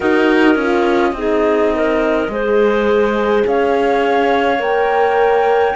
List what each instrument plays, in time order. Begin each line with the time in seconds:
0.00 cello D#4, horn F#4, clarinet A#4, flute D#5
0.55 cello C#4, horn F4
1.12 cello C4, horn D#4, clarinet G#4
1.75 clarinet A#4
2.28 cello G#3, horn G#4, clarinet C5
3.46 cello C#4, clarinet C#5, flute F5
4.58 cello A#3, horn A#4, flute G5